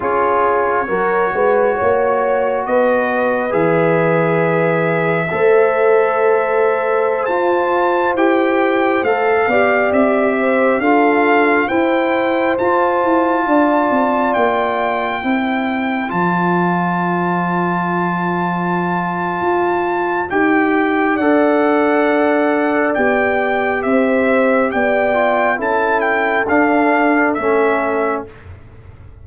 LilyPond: <<
  \new Staff \with { instrumentName = "trumpet" } { \time 4/4 \tempo 4 = 68 cis''2. dis''4 | e''1~ | e''16 a''4 g''4 f''4 e''8.~ | e''16 f''4 g''4 a''4.~ a''16~ |
a''16 g''2 a''4.~ a''16~ | a''2. g''4 | fis''2 g''4 e''4 | g''4 a''8 g''8 f''4 e''4 | }
  \new Staff \with { instrumentName = "horn" } { \time 4/4 gis'4 ais'8 b'8 cis''4 b'4~ | b'2 c''2~ | c''2~ c''8. d''4 c''16~ | c''16 a'4 c''2 d''8.~ |
d''4~ d''16 c''2~ c''8.~ | c''1 | d''2. c''4 | d''4 a'2. | }
  \new Staff \with { instrumentName = "trombone" } { \time 4/4 f'4 fis'2. | gis'2 a'2~ | a'16 f'4 g'4 a'8 g'4~ g'16~ | g'16 f'4 e'4 f'4.~ f'16~ |
f'4~ f'16 e'4 f'4.~ f'16~ | f'2. g'4 | a'2 g'2~ | g'8 f'8 e'4 d'4 cis'4 | }
  \new Staff \with { instrumentName = "tuba" } { \time 4/4 cis'4 fis8 gis8 ais4 b4 | e2 a2~ | a16 f'4 e'4 a8 b8 c'8.~ | c'16 d'4 e'4 f'8 e'8 d'8 c'16~ |
c'16 ais4 c'4 f4.~ f16~ | f2 f'4 dis'4 | d'2 b4 c'4 | b4 cis'4 d'4 a4 | }
>>